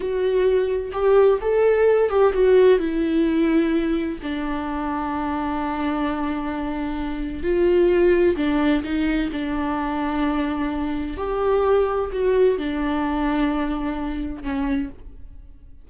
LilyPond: \new Staff \with { instrumentName = "viola" } { \time 4/4 \tempo 4 = 129 fis'2 g'4 a'4~ | a'8 g'8 fis'4 e'2~ | e'4 d'2.~ | d'1 |
f'2 d'4 dis'4 | d'1 | g'2 fis'4 d'4~ | d'2. cis'4 | }